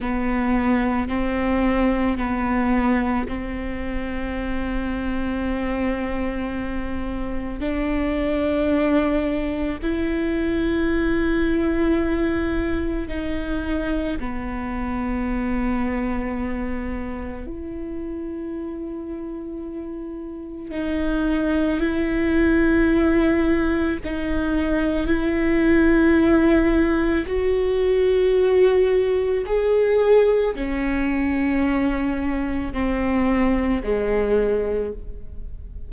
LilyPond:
\new Staff \with { instrumentName = "viola" } { \time 4/4 \tempo 4 = 55 b4 c'4 b4 c'4~ | c'2. d'4~ | d'4 e'2. | dis'4 b2. |
e'2. dis'4 | e'2 dis'4 e'4~ | e'4 fis'2 gis'4 | cis'2 c'4 gis4 | }